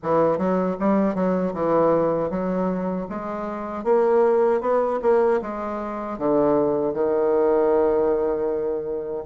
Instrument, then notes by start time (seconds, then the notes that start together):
bassoon
0.02 E3
0.38 F#3
0.79 G3
1.14 F#3
1.53 E3
2.30 F#3
3.09 G#3
3.84 A#3
4.60 B3
5.01 A#3
5.41 G#3
6.18 D3
6.93 D#3